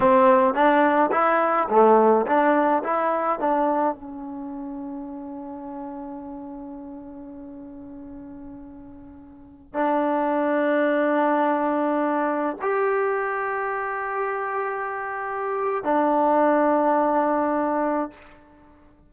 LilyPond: \new Staff \with { instrumentName = "trombone" } { \time 4/4 \tempo 4 = 106 c'4 d'4 e'4 a4 | d'4 e'4 d'4 cis'4~ | cis'1~ | cis'1~ |
cis'4~ cis'16 d'2~ d'8.~ | d'2~ d'16 g'4.~ g'16~ | g'1 | d'1 | }